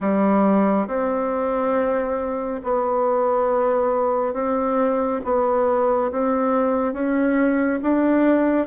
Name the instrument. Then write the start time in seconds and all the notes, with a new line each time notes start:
bassoon
0.00 G3
0.87 C4
2.63 B3
4.33 C4
5.24 B3
6.11 C4
6.93 C#4
7.82 D4